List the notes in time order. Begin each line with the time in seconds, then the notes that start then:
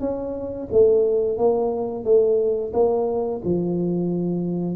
0.00 C#4
0.72 A3
1.38 A#3
2.04 A3
2.73 A#3
3.44 F3